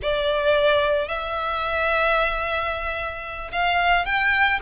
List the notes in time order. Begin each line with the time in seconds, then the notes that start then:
0.02 D5
1.08 E5
3.52 F5
4.05 G5